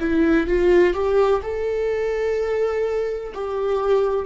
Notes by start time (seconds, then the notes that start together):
0.00 E4
0.47 F4
0.94 G4
1.42 A4
3.34 G4